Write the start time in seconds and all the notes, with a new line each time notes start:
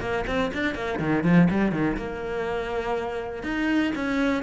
0.00 A#3
0.27 C4
0.54 D4
0.75 A#3
0.99 D#3
1.23 F3
1.50 G3
1.72 D#3
1.96 A#3
3.43 D#4
3.95 C#4